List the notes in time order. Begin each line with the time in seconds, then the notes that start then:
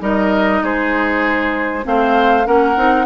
0.00 G3 D#4 A#4 D#5
0.63 G#3 G#4 C5
1.83 A3 C4 C5 F5
2.45 A#3 C#4 A#4 F#5
2.76 C4 D#4